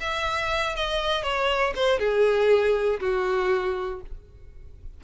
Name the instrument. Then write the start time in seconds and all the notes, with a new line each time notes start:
violin
0.00 E5
0.76 D#5
1.23 C#5
1.75 C5
1.99 G#4
3.00 F#4